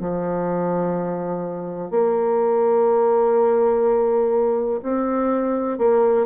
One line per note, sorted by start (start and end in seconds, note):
0.00 1.90 F3
1.90 4.81 A#3
4.83 5.78 C4
5.78 6.26 A#3